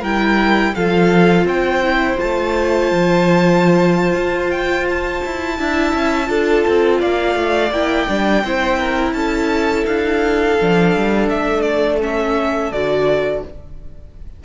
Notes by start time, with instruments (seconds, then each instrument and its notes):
0.00 cello G3, viola E4, violin A#4 G5
0.75 cello F3, viola F4, violin A4 F5
1.43 cello C4, violin C5 G5
1.83 viola E4
2.18 cello A3, viola F4, violin A5
2.91 cello F3
4.15 cello F4
4.50 violin G5
4.89 violin A5
5.24 cello E4
5.58 cello D4, viola E4, violin E5
5.93 cello C#4
6.26 cello D4, viola F4, violin A4
6.67 cello C4
6.99 cello A#3, violin D5 F5
7.35 cello A3
7.70 cello A#3, viola E4, violin G5
8.08 cello G3, viola D4
8.43 cello C4, viola E4, violin C5
8.79 violin A#4
9.12 cello C#4, violin A4 A5
9.86 cello D4, violin F5
10.60 cello F3, viola D4
10.96 cello G3
11.29 cello A3, violin E5
11.61 violin D5
12.00 viola C#4, violin E5
12.71 cello D3, viola F#4, violin D5